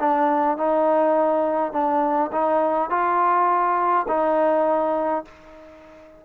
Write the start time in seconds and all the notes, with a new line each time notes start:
0.00 D4
0.57 D#4
1.73 D4
2.32 D#4
2.90 F4
4.08 D#4